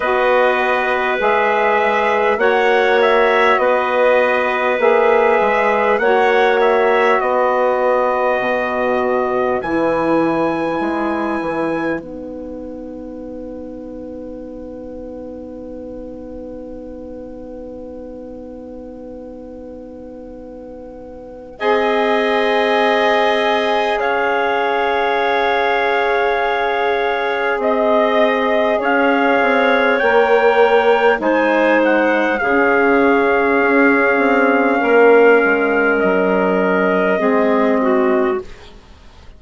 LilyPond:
<<
  \new Staff \with { instrumentName = "trumpet" } { \time 4/4 \tempo 4 = 50 dis''4 e''4 fis''8 e''8 dis''4 | e''4 fis''8 e''8 dis''2 | gis''2 fis''2~ | fis''1~ |
fis''2 gis''2 | f''2. dis''4 | f''4 g''4 gis''8 fis''8 f''4~ | f''2 dis''2 | }
  \new Staff \with { instrumentName = "clarinet" } { \time 4/4 b'2 cis''4 b'4~ | b'4 cis''4 b'2~ | b'1~ | b'1~ |
b'2 dis''2 | cis''2. dis''4 | cis''2 c''4 gis'4~ | gis'4 ais'2 gis'8 fis'8 | }
  \new Staff \with { instrumentName = "saxophone" } { \time 4/4 fis'4 gis'4 fis'2 | gis'4 fis'2. | e'2 dis'2~ | dis'1~ |
dis'2 gis'2~ | gis'1~ | gis'4 ais'4 dis'4 cis'4~ | cis'2. c'4 | }
  \new Staff \with { instrumentName = "bassoon" } { \time 4/4 b4 gis4 ais4 b4 | ais8 gis8 ais4 b4 b,4 | e4 gis8 e8 b2~ | b1~ |
b2 c'2 | cis'2. c'4 | cis'8 c'8 ais4 gis4 cis4 | cis'8 c'8 ais8 gis8 fis4 gis4 | }
>>